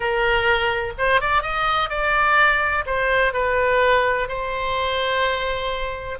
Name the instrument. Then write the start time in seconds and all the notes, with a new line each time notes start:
oboe
0.00 A#4
0.98 C5
1.20 D5
1.42 D#5
1.89 D5
2.85 C5
3.33 B4
4.28 C5